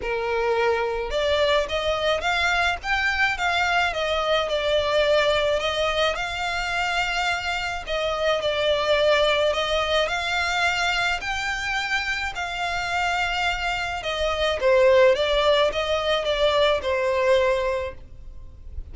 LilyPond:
\new Staff \with { instrumentName = "violin" } { \time 4/4 \tempo 4 = 107 ais'2 d''4 dis''4 | f''4 g''4 f''4 dis''4 | d''2 dis''4 f''4~ | f''2 dis''4 d''4~ |
d''4 dis''4 f''2 | g''2 f''2~ | f''4 dis''4 c''4 d''4 | dis''4 d''4 c''2 | }